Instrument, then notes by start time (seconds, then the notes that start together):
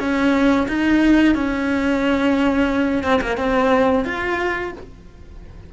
cello
0.00 C#4
0.68 D#4
1.35 C#4
3.04 C4
3.21 A#3
3.37 C4
4.05 F4